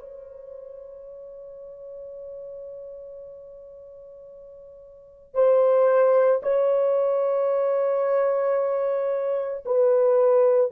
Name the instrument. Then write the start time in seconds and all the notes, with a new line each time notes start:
horn
0.00 C#5
5.34 C5
6.43 C#5
9.65 B4